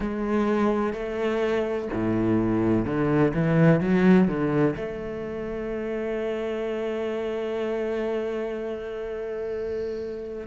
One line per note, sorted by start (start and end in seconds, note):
0.00 0.93 G#3
0.93 1.88 A3
1.93 2.85 A2
2.85 3.32 D3
3.33 3.80 E3
3.80 4.27 F#3
4.27 4.75 D3
4.76 10.46 A3